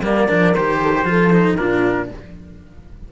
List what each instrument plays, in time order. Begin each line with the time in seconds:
0.00 cello G3 A#3, horn A#4, trumpet D5
0.28 cello F3 D4
0.55 cello D#3 G4, trumpet C5
0.82 horn A4
0.96 horn G4
1.04 cello F3 F4, horn A4
1.32 cello D#4
1.56 cello A#2 D4, horn F4, trumpet A#4